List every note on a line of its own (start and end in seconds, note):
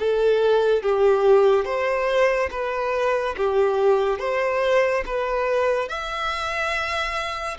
0.00 0.83 A4
0.83 1.66 G4
1.66 2.50 C5
2.52 3.36 B4
3.37 4.19 G4
4.19 5.04 C5
5.06 5.89 B4
5.89 7.58 E5